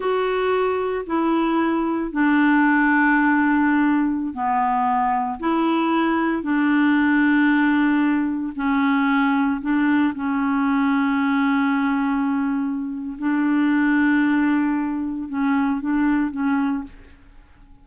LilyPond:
\new Staff \with { instrumentName = "clarinet" } { \time 4/4 \tempo 4 = 114 fis'2 e'2 | d'1~ | d'16 b2 e'4.~ e'16~ | e'16 d'2.~ d'8.~ |
d'16 cis'2 d'4 cis'8.~ | cis'1~ | cis'4 d'2.~ | d'4 cis'4 d'4 cis'4 | }